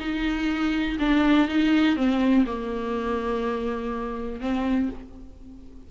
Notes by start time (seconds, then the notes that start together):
0.00 D#4
1.00 D4
1.48 D#4
1.96 C4
2.47 A#3
4.41 C4